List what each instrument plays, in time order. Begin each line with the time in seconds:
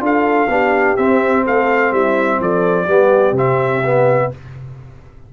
0.00 tuba D4, trombone F4, horn A4, trumpet F5
0.48 tuba B3, trombone D4, horn G4
0.97 tuba C4, trombone C4, trumpet E5
1.45 tuba A3, horn A4, trumpet F5
1.91 tuba G3, horn E4, trumpet E5
2.40 tuba F3, horn A4, trumpet D5
2.85 tuba G3, trombone B3, horn G4
3.32 tuba C3, trombone C4, trumpet E5
3.84 trombone B3